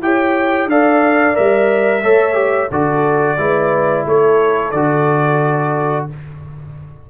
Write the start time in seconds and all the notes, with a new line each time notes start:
0.00 E4 G4 C#5 G5
0.66 D4 A4 D5 F5
1.34 G3 A#4 E5
2.03 A3 A4 C#5
2.34 G4
2.70 D3 F#4 A4 D5
3.38 G#3 E4 B4
4.05 A3 A4 C#5
4.71 D3 F#4 D5